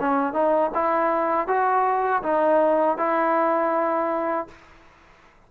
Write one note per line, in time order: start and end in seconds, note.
0.00 0.34 C#4
0.34 0.71 D#4
0.75 1.48 E4
1.48 2.23 F#4
2.23 2.98 D#4
2.98 4.48 E4